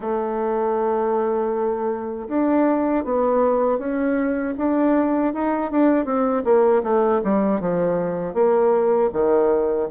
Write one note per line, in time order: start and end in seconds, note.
0.00 2.28 A3
2.28 3.04 D4
3.04 3.78 B3
3.78 4.54 C#4
4.57 5.33 D4
5.33 5.71 D#4
5.71 6.05 D4
6.05 6.43 C4
6.44 6.82 A#3
6.83 7.21 A3
7.24 7.60 G3
7.60 8.34 F3
8.34 9.10 A#3
9.12 9.88 D#3